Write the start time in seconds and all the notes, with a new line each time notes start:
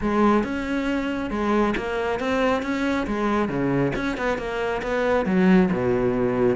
0.01 G#3
0.43 C#4
1.30 G#3
1.77 A#3
2.19 C4
2.62 C#4
3.06 G#3
3.48 C#3
3.95 C#4
4.17 B3
4.38 A#3
4.82 B3
5.25 F#3
5.72 B2